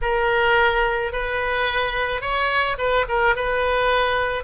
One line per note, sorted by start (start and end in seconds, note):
0.02 1.12 A#4
1.12 2.21 B4
2.21 2.76 C#5
2.78 3.05 B4
3.08 3.35 A#4
3.35 4.43 B4